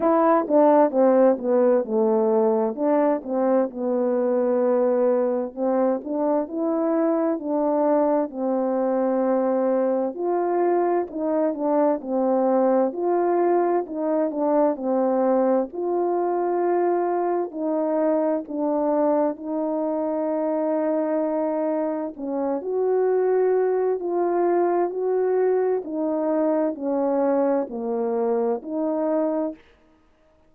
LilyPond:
\new Staff \with { instrumentName = "horn" } { \time 4/4 \tempo 4 = 65 e'8 d'8 c'8 b8 a4 d'8 c'8 | b2 c'8 d'8 e'4 | d'4 c'2 f'4 | dis'8 d'8 c'4 f'4 dis'8 d'8 |
c'4 f'2 dis'4 | d'4 dis'2. | cis'8 fis'4. f'4 fis'4 | dis'4 cis'4 ais4 dis'4 | }